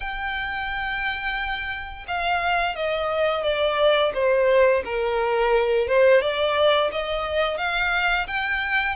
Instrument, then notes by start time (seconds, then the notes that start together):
violin
0.00 G5
2.07 F5
2.75 D#5
3.43 D5
4.14 C5
4.84 A#4
5.87 C5
6.21 D5
6.91 D#5
7.57 F5
8.27 G5